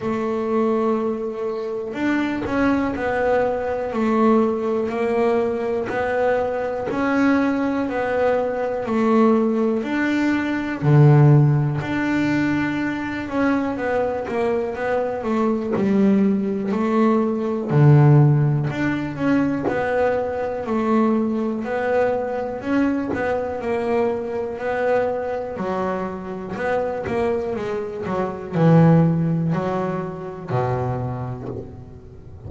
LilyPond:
\new Staff \with { instrumentName = "double bass" } { \time 4/4 \tempo 4 = 61 a2 d'8 cis'8 b4 | a4 ais4 b4 cis'4 | b4 a4 d'4 d4 | d'4. cis'8 b8 ais8 b8 a8 |
g4 a4 d4 d'8 cis'8 | b4 a4 b4 cis'8 b8 | ais4 b4 fis4 b8 ais8 | gis8 fis8 e4 fis4 b,4 | }